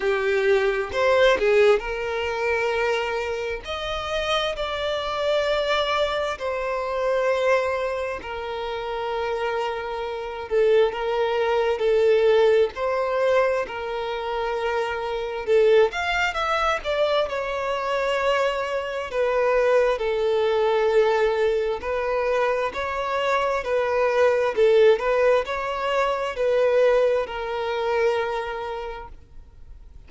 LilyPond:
\new Staff \with { instrumentName = "violin" } { \time 4/4 \tempo 4 = 66 g'4 c''8 gis'8 ais'2 | dis''4 d''2 c''4~ | c''4 ais'2~ ais'8 a'8 | ais'4 a'4 c''4 ais'4~ |
ais'4 a'8 f''8 e''8 d''8 cis''4~ | cis''4 b'4 a'2 | b'4 cis''4 b'4 a'8 b'8 | cis''4 b'4 ais'2 | }